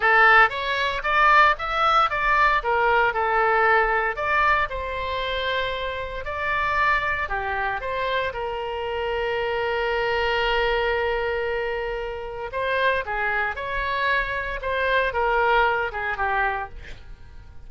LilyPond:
\new Staff \with { instrumentName = "oboe" } { \time 4/4 \tempo 4 = 115 a'4 cis''4 d''4 e''4 | d''4 ais'4 a'2 | d''4 c''2. | d''2 g'4 c''4 |
ais'1~ | ais'1 | c''4 gis'4 cis''2 | c''4 ais'4. gis'8 g'4 | }